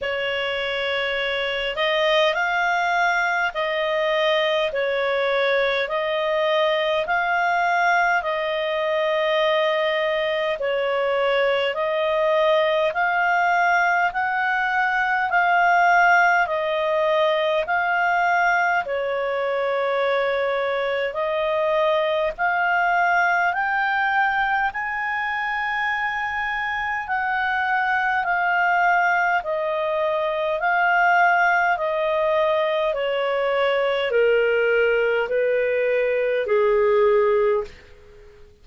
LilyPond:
\new Staff \with { instrumentName = "clarinet" } { \time 4/4 \tempo 4 = 51 cis''4. dis''8 f''4 dis''4 | cis''4 dis''4 f''4 dis''4~ | dis''4 cis''4 dis''4 f''4 | fis''4 f''4 dis''4 f''4 |
cis''2 dis''4 f''4 | g''4 gis''2 fis''4 | f''4 dis''4 f''4 dis''4 | cis''4 ais'4 b'4 gis'4 | }